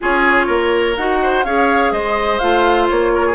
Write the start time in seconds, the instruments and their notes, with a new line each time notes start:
0.00 bassoon C#4, clarinet F4, oboe G#4, flute C#5
0.46 bassoon A#3, oboe A#4
0.96 bassoon D#4, clarinet F#4, flute F#5
1.22 oboe C5
1.44 bassoon C#4, clarinet G#4, oboe C#5, flute F5
1.91 bassoon G#3, oboe C5, flute D#5
2.39 bassoon A3, clarinet F4, flute F5
2.89 bassoon A#3, flute C#5
3.14 oboe A#4
3.26 oboe G#4